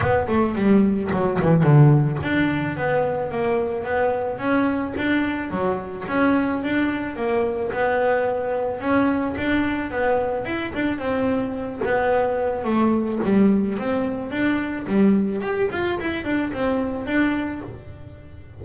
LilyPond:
\new Staff \with { instrumentName = "double bass" } { \time 4/4 \tempo 4 = 109 b8 a8 g4 fis8 e8 d4 | d'4 b4 ais4 b4 | cis'4 d'4 fis4 cis'4 | d'4 ais4 b2 |
cis'4 d'4 b4 e'8 d'8 | c'4. b4. a4 | g4 c'4 d'4 g4 | g'8 f'8 e'8 d'8 c'4 d'4 | }